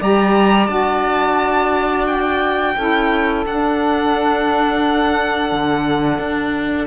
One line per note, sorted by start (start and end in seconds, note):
0.00 0.69 G3
0.00 0.68 G4
0.00 2.75 D5
0.00 0.67 A#5
0.67 2.76 D4
0.67 2.75 F#4
0.67 2.05 A5
2.07 3.45 G5
2.75 3.46 C#4
2.75 3.46 E4
2.75 6.87 A4
3.46 5.52 D4
3.46 6.87 D4
3.46 6.87 F#5
5.52 6.19 D3
6.19 6.87 D4